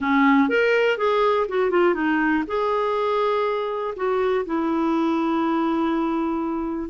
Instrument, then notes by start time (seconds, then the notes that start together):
clarinet
0.00 C#4
0.49 A#4
0.97 G#4
1.48 F#4
1.70 F4
1.94 D#4
2.47 G#4
3.95 F#4
4.45 E4